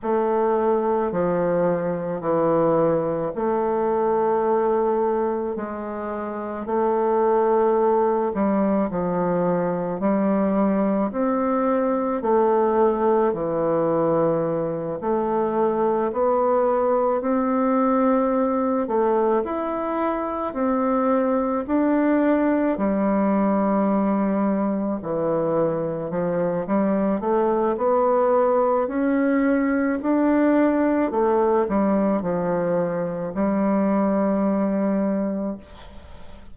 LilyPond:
\new Staff \with { instrumentName = "bassoon" } { \time 4/4 \tempo 4 = 54 a4 f4 e4 a4~ | a4 gis4 a4. g8 | f4 g4 c'4 a4 | e4. a4 b4 c'8~ |
c'4 a8 e'4 c'4 d'8~ | d'8 g2 e4 f8 | g8 a8 b4 cis'4 d'4 | a8 g8 f4 g2 | }